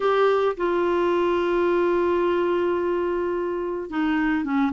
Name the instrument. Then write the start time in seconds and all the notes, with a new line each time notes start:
clarinet
0.00 G4
0.56 F4
3.89 D#4
4.44 C#4